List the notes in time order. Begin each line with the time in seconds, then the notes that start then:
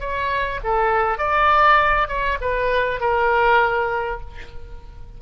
0.00 C#5
0.64 A4
1.18 D5
2.08 C#5
2.41 B4
3.01 A#4